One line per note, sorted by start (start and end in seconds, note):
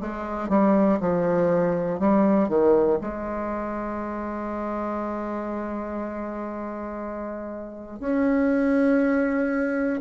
0.00 0.49 G#3
0.49 0.99 G3
1.00 1.99 F3
1.99 2.48 G3
2.48 2.98 D#3
3.01 8.00 G#3
8.00 10.00 C#4